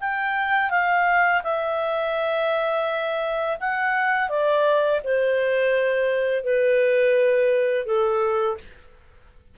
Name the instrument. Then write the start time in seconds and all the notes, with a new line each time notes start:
clarinet
0.00 G5
0.70 F5
1.43 E5
3.60 F#5
4.29 D5
5.03 C5
6.44 B4
7.86 A4